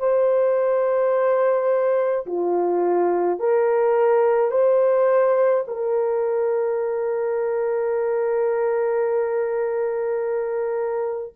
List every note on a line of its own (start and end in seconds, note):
0.00 2.26 C5
2.27 3.40 F4
3.40 4.51 A#4
4.51 5.64 C5
5.68 11.34 A#4